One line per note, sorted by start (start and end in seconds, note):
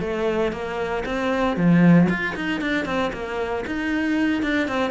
0.00 0.52 A3
0.52 1.03 A#3
1.05 1.56 C4
1.56 2.08 F3
2.09 2.35 F4
2.35 2.61 D#4
2.61 2.85 D4
2.85 3.11 C4
3.12 3.64 A#3
3.66 4.42 D#4
4.42 4.68 D4
4.68 4.90 C4